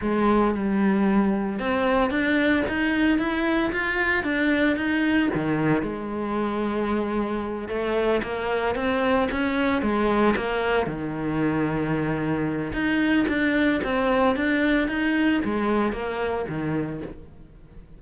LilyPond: \new Staff \with { instrumentName = "cello" } { \time 4/4 \tempo 4 = 113 gis4 g2 c'4 | d'4 dis'4 e'4 f'4 | d'4 dis'4 dis4 gis4~ | gis2~ gis8 a4 ais8~ |
ais8 c'4 cis'4 gis4 ais8~ | ais8 dis2.~ dis8 | dis'4 d'4 c'4 d'4 | dis'4 gis4 ais4 dis4 | }